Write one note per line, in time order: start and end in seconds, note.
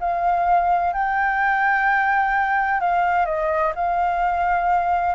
0.00 0.93 F5
0.93 2.80 G5
2.80 3.26 F5
3.26 3.72 D#5
3.75 5.14 F5